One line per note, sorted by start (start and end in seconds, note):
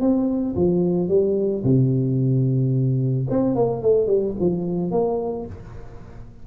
0.00 0.55 C4
0.55 1.08 F3
1.08 1.63 G3
1.63 3.27 C3
3.30 3.55 C4
3.55 3.82 A#3
3.82 4.06 A3
4.06 4.34 G3
4.40 4.91 F3
4.91 5.45 A#3